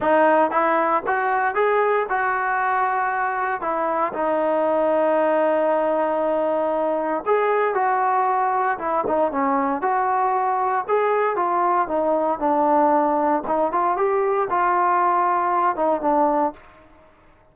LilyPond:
\new Staff \with { instrumentName = "trombone" } { \time 4/4 \tempo 4 = 116 dis'4 e'4 fis'4 gis'4 | fis'2. e'4 | dis'1~ | dis'2 gis'4 fis'4~ |
fis'4 e'8 dis'8 cis'4 fis'4~ | fis'4 gis'4 f'4 dis'4 | d'2 dis'8 f'8 g'4 | f'2~ f'8 dis'8 d'4 | }